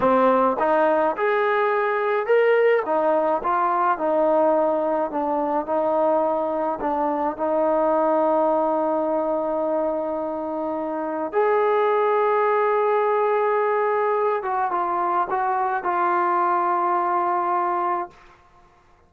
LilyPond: \new Staff \with { instrumentName = "trombone" } { \time 4/4 \tempo 4 = 106 c'4 dis'4 gis'2 | ais'4 dis'4 f'4 dis'4~ | dis'4 d'4 dis'2 | d'4 dis'2.~ |
dis'1 | gis'1~ | gis'4. fis'8 f'4 fis'4 | f'1 | }